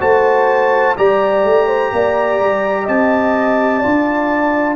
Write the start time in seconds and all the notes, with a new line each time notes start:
0.00 A3 F#4 C5 A5
0.97 G3 G4 D5 A#5
1.44 A3
1.67 C5
1.92 A#3 D5
2.40 G3
2.84 C4 D#5 A5
3.78 F4 D5
3.85 D4